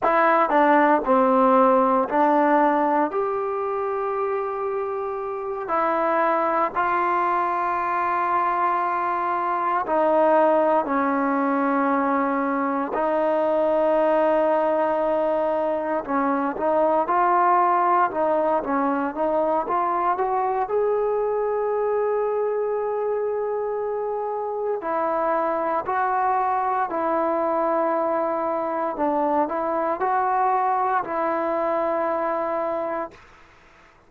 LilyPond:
\new Staff \with { instrumentName = "trombone" } { \time 4/4 \tempo 4 = 58 e'8 d'8 c'4 d'4 g'4~ | g'4. e'4 f'4.~ | f'4. dis'4 cis'4.~ | cis'8 dis'2. cis'8 |
dis'8 f'4 dis'8 cis'8 dis'8 f'8 fis'8 | gis'1 | e'4 fis'4 e'2 | d'8 e'8 fis'4 e'2 | }